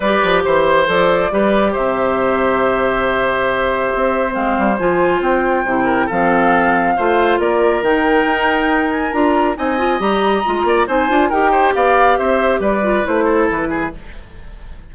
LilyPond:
<<
  \new Staff \with { instrumentName = "flute" } { \time 4/4 \tempo 4 = 138 d''4 c''4 d''2 | e''1~ | e''2 f''4 gis''4 | g''2 f''2~ |
f''4 d''4 g''2~ | g''8 gis''8 ais''4 gis''4 ais''4~ | ais''4 gis''4 g''4 f''4 | e''4 d''4 c''4 b'4 | }
  \new Staff \with { instrumentName = "oboe" } { \time 4/4 b'4 c''2 b'4 | c''1~ | c''1~ | c''4. ais'8 a'2 |
c''4 ais'2.~ | ais'2 dis''2~ | dis''8 d''8 c''4 ais'8 c''8 d''4 | c''4 b'4. a'4 gis'8 | }
  \new Staff \with { instrumentName = "clarinet" } { \time 4/4 g'2 a'4 g'4~ | g'1~ | g'2 c'4 f'4~ | f'4 e'4 c'2 |
f'2 dis'2~ | dis'4 f'4 dis'8 f'8 g'4 | f'4 dis'8 f'8 g'2~ | g'4. f'8 e'2 | }
  \new Staff \with { instrumentName = "bassoon" } { \time 4/4 g8 f8 e4 f4 g4 | c1~ | c4 c'4 gis8 g8 f4 | c'4 c4 f2 |
a4 ais4 dis4 dis'4~ | dis'4 d'4 c'4 g4 | gis8 ais8 c'8 d'8 dis'4 b4 | c'4 g4 a4 e4 | }
>>